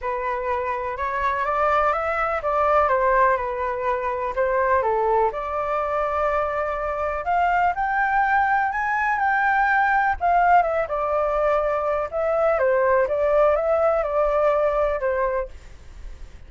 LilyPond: \new Staff \with { instrumentName = "flute" } { \time 4/4 \tempo 4 = 124 b'2 cis''4 d''4 | e''4 d''4 c''4 b'4~ | b'4 c''4 a'4 d''4~ | d''2. f''4 |
g''2 gis''4 g''4~ | g''4 f''4 e''8 d''4.~ | d''4 e''4 c''4 d''4 | e''4 d''2 c''4 | }